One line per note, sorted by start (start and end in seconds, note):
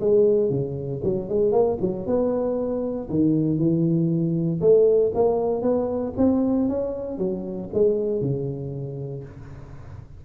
0.00 0.50 G#3
0.50 1.01 C#3
1.03 1.29 F#3
1.29 1.52 G#3
1.52 1.77 A#3
1.80 2.06 F#3
2.06 3.09 B3
3.09 3.58 D#3
3.58 4.60 E3
4.60 5.12 A3
5.14 5.62 A#3
5.62 6.13 B3
6.17 6.68 C4
6.69 7.18 C#4
7.18 7.69 F#3
7.73 8.21 G#3
8.21 9.24 C#3